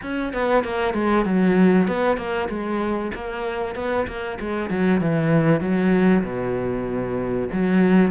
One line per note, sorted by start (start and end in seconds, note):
0.02 0.33 C#4
0.33 0.64 B3
0.64 0.94 A#3
0.94 1.25 G#3
1.25 1.87 F#3
1.87 2.17 B3
2.17 2.48 A#3
2.49 3.11 G#3
3.14 3.75 A#3
3.75 4.06 B3
4.07 4.38 A#3
4.40 4.70 G#3
4.70 5.00 F#3
5.00 5.60 E3
5.60 6.23 F#3
6.23 7.48 B2
7.52 8.11 F#3